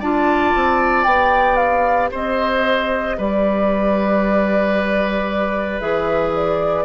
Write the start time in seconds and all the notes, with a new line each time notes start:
0.00 D4 F4 D5 A5
0.55 C4
1.04 B3 G4 G5
1.56 F5
2.11 C4 C5 D#5
3.18 G3 B4 D5
5.80 E3 G#4 E5
6.35 D5